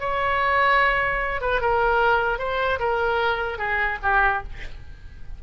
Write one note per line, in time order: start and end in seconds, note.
0.00 1.41 C#5
1.41 1.61 B4
1.61 2.39 A#4
2.39 2.79 C5
2.79 3.58 A#4
3.58 3.98 G#4
4.03 4.43 G4